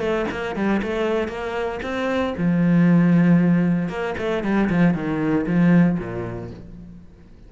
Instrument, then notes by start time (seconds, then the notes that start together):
cello
0.00 A3
0.32 A#3
0.56 G3
0.83 A3
1.28 A#3
1.83 C4
2.38 F3
3.89 A#3
4.18 A3
4.44 G3
4.70 F3
4.94 D#3
5.46 F3
5.99 A#2